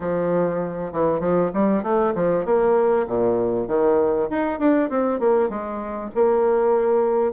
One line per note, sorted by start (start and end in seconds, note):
0.00 0.92 F3
0.92 1.20 E3
1.20 1.50 F3
1.53 1.83 G3
1.83 2.13 A3
2.14 2.45 F3
2.45 3.06 A#3
3.07 3.67 A#2
3.67 4.28 D#3
4.29 4.59 D#4
4.59 4.89 D4
4.89 5.19 C4
5.19 5.49 A#3
5.49 6.10 G#3
6.14 7.32 A#3